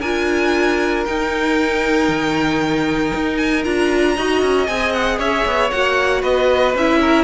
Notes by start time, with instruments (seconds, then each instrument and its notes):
0.00 cello D4, viola F4, violin A#4 G#5
1.05 viola D#4, cello D#4, violin G5
2.09 cello D#3
3.15 cello D#4
3.37 violin G#5
3.64 cello D4, viola F4, violin A#5
4.16 cello D#4, viola F#4, violin D#5
4.42 cello C#4
4.66 cello C4, viola G#4, violin G#5
4.93 violin F#5
5.18 cello C#4, violin C#5 E5
5.46 cello B3
5.70 cello A#3, viola F#4, violin F#5
6.22 cello B3, violin B4 D#5
6.74 cello C#4, viola E4, violin E5
7.01 violin A#4